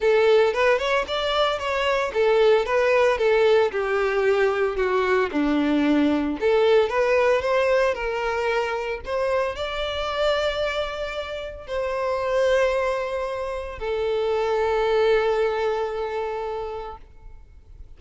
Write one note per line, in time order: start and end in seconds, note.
0.00 0.53 A4
0.53 0.78 B4
0.78 1.05 C#5
1.07 1.58 D5
1.58 2.11 C#5
2.13 2.65 A4
2.65 3.18 B4
3.18 3.71 A4
3.71 4.76 G4
4.76 5.29 F#4
5.31 6.37 D4
6.40 6.89 A4
6.89 7.41 B4
7.41 7.94 C5
7.94 9.00 A#4
9.05 9.55 C5
9.55 11.67 D5
11.67 13.79 C5
13.79 16.97 A4